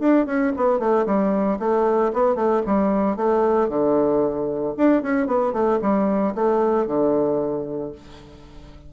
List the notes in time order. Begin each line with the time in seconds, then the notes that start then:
0.00 D4
0.27 C#4
0.57 B3
0.80 A3
1.06 G3
1.60 A3
2.14 B3
2.36 A3
2.67 G3
3.17 A3
3.69 D3
4.78 D4
5.03 C#4
5.28 B3
5.54 A3
5.82 G3
6.35 A3
6.87 D3